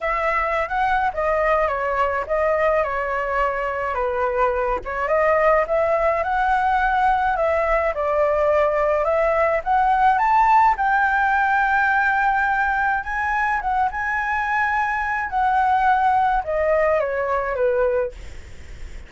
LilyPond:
\new Staff \with { instrumentName = "flute" } { \time 4/4 \tempo 4 = 106 e''4~ e''16 fis''8. dis''4 cis''4 | dis''4 cis''2 b'4~ | b'8 cis''8 dis''4 e''4 fis''4~ | fis''4 e''4 d''2 |
e''4 fis''4 a''4 g''4~ | g''2. gis''4 | fis''8 gis''2~ gis''8 fis''4~ | fis''4 dis''4 cis''4 b'4 | }